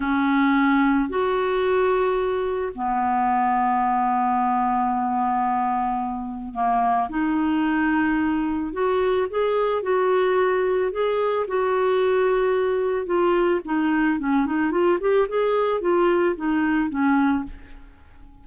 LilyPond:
\new Staff \with { instrumentName = "clarinet" } { \time 4/4 \tempo 4 = 110 cis'2 fis'2~ | fis'4 b2.~ | b1 | ais4 dis'2. |
fis'4 gis'4 fis'2 | gis'4 fis'2. | f'4 dis'4 cis'8 dis'8 f'8 g'8 | gis'4 f'4 dis'4 cis'4 | }